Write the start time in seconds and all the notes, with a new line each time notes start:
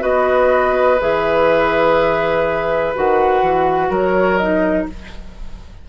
0.00 B3 F#4 B4 D#5
1.01 E3 G#4 E5
2.96 D#3 F#4 F#5
3.42 E3
3.90 F#3 A#4 C#5
4.38 D#4 D#5